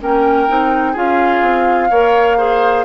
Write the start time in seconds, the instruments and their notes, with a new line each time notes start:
0.00 bassoon A#3, clarinet C#4, oboe A#4, flute G5
0.47 bassoon C4, clarinet D#4
0.92 bassoon C#4, clarinet F4, oboe G#4, flute F5
1.42 bassoon C4
1.90 bassoon A#3, clarinet A#4, oboe C#5
2.37 clarinet G#4, oboe C5